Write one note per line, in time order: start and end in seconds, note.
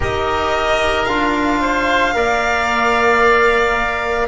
0.00 1.07 D#4
0.00 1.06 G4
0.00 1.60 A#4
0.00 1.05 D#5
1.05 2.14 D4
1.05 2.13 F4
1.05 4.26 F5
1.60 2.14 C5
2.13 4.28 A#3
2.13 4.27 A#4
2.13 4.28 D5